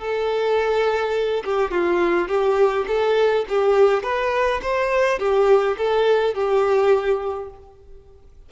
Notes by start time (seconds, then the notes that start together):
0.00 A4
1.45 G4
1.72 F4
2.28 G4
2.88 A4
3.49 G4
4.04 B4
4.63 C5
5.19 G4
5.78 A4
6.35 G4